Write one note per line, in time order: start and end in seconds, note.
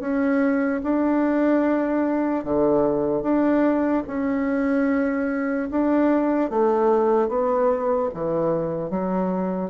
0.00 0.81 C#4
0.83 2.44 D4
2.44 3.22 D3
3.22 4.03 D4
4.07 5.69 C#4
5.71 6.50 D4
6.50 7.28 A3
7.28 8.09 B3
8.14 8.90 E3
8.90 9.70 F#3